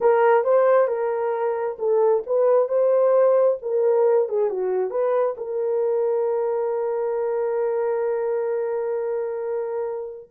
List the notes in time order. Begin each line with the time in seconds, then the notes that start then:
0.01 A#4
0.44 C5
0.87 A#4
1.78 A4
2.26 B4
2.68 C5
3.61 A#4
4.28 G#4
4.50 F#4
4.90 B4
5.37 A#4